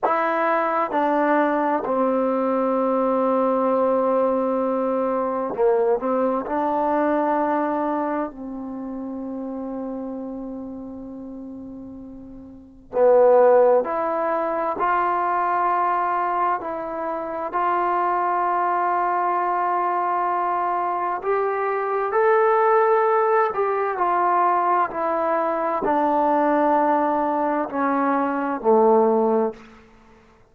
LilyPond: \new Staff \with { instrumentName = "trombone" } { \time 4/4 \tempo 4 = 65 e'4 d'4 c'2~ | c'2 ais8 c'8 d'4~ | d'4 c'2.~ | c'2 b4 e'4 |
f'2 e'4 f'4~ | f'2. g'4 | a'4. g'8 f'4 e'4 | d'2 cis'4 a4 | }